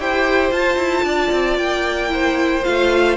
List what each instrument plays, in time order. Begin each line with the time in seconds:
0.00 cello E4, viola G4, violin C5 G5
0.52 cello F4, viola F4, violin A5
0.77 cello E4
1.04 cello D4, violin D5
1.32 cello C4
1.58 cello A#3, violin G5
2.09 viola E4, violin C5
2.64 cello A3, viola F4, violin F5